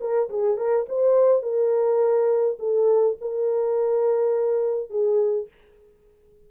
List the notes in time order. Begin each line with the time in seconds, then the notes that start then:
0.00 A#4
0.29 G#4
0.57 A#4
0.88 C5
1.42 A#4
2.59 A4
3.20 A#4
4.90 G#4